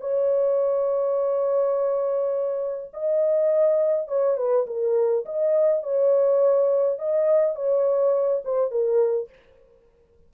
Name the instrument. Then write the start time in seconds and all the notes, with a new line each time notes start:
horn
0.00 C#5
2.93 D#5
4.08 C#5
4.37 B4
4.67 A#4
5.25 D#5
5.83 C#5
6.98 D#5
7.55 C#5
8.45 C5
8.71 A#4